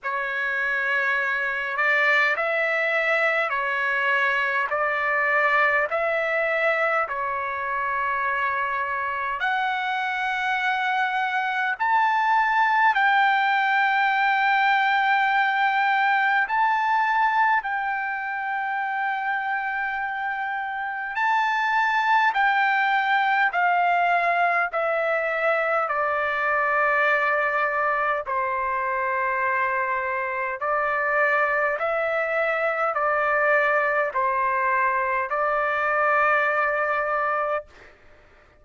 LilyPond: \new Staff \with { instrumentName = "trumpet" } { \time 4/4 \tempo 4 = 51 cis''4. d''8 e''4 cis''4 | d''4 e''4 cis''2 | fis''2 a''4 g''4~ | g''2 a''4 g''4~ |
g''2 a''4 g''4 | f''4 e''4 d''2 | c''2 d''4 e''4 | d''4 c''4 d''2 | }